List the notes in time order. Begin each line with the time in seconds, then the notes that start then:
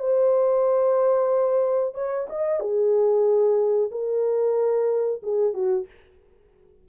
0.00 C5
1.95 C#5
2.29 D#5
2.60 G#4
3.91 A#4
5.23 G#4
5.54 F#4